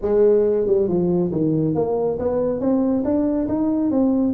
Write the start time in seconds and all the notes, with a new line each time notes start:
0.01 G#3
0.66 G3
0.87 F3
1.31 D#3
1.75 A#3
2.18 B3
2.60 C4
3.04 D4
3.48 D#4
3.90 C4